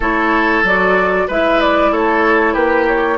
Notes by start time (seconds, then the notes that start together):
0.00 A3 E4 A4 C#5
0.63 F#3 F#4 D5
1.27 G#3 E4 B4 E5
1.61 D5
1.91 A3 A4 C#5
2.53 A#3 G4 B4
2.87 C#5